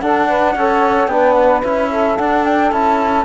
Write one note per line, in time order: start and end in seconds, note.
0.00 0.55 D4
0.00 0.57 D4
0.00 0.27 A4
0.00 1.07 F#5
0.28 0.55 B4
0.55 1.08 C#4
0.55 1.10 A4
0.55 1.10 C#5
1.07 1.62 B3
1.07 1.62 D4
1.07 1.90 B4
1.07 1.32 G5
1.32 1.59 F#5
1.62 2.18 C#4
1.62 2.17 E4
1.62 2.17 E5
1.90 3.25 A4
2.17 2.71 D4
2.17 2.72 D4
2.17 2.44 F#5
2.44 2.71 G5
2.71 3.25 C#4
2.71 3.25 E4
2.71 3.25 A5